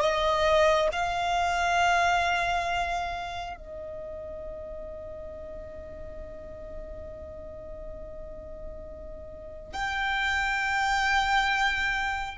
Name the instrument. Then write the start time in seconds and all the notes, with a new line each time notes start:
violin
0.00 D#5
0.92 F5
3.56 D#5
9.73 G5